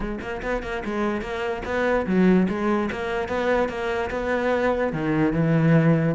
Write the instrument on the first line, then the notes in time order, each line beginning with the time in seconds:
cello
0.00 G#3
0.21 A#3
0.42 B3
0.62 A#3
0.84 G#3
1.21 A#3
1.65 B3
2.06 F#3
2.48 G#3
2.91 A#3
3.28 B3
3.68 A#3
4.10 B3
4.92 D#3
5.32 E3